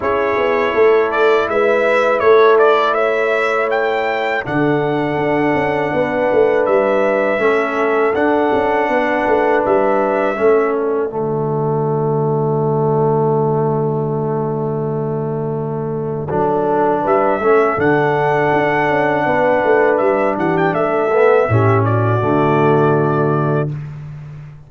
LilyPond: <<
  \new Staff \with { instrumentName = "trumpet" } { \time 4/4 \tempo 4 = 81 cis''4. d''8 e''4 cis''8 d''8 | e''4 g''4 fis''2~ | fis''4 e''2 fis''4~ | fis''4 e''4. d''4.~ |
d''1~ | d''2. e''4 | fis''2. e''8 fis''16 g''16 | e''4. d''2~ d''8 | }
  \new Staff \with { instrumentName = "horn" } { \time 4/4 gis'4 a'4 b'4 a'4 | cis''2 a'2 | b'2 a'2 | b'2 a'4 fis'4~ |
fis'1~ | fis'2 a'4 b'8 a'8~ | a'2 b'4. g'8 | a'4 g'8 fis'2~ fis'8 | }
  \new Staff \with { instrumentName = "trombone" } { \time 4/4 e'1~ | e'2 d'2~ | d'2 cis'4 d'4~ | d'2 cis'4 a4~ |
a1~ | a2 d'4. cis'8 | d'1~ | d'8 b8 cis'4 a2 | }
  \new Staff \with { instrumentName = "tuba" } { \time 4/4 cis'8 b8 a4 gis4 a4~ | a2 d4 d'8 cis'8 | b8 a8 g4 a4 d'8 cis'8 | b8 a8 g4 a4 d4~ |
d1~ | d2 fis4 g8 a8 | d4 d'8 cis'8 b8 a8 g8 e8 | a4 a,4 d2 | }
>>